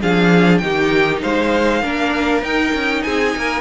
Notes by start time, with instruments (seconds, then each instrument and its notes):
0.00 cello F3, viola D4, violin G#4 F5
0.58 cello D#3, viola D#4, violin G4 G5
1.22 cello G#3, violin C5 F5
1.82 cello A#3, viola D4, violin A#4
2.42 viola D#4, cello D#4, violin G5
2.73 cello C#4
3.02 cello C4, violin G#4 G#5
3.36 cello A#3, violin A#4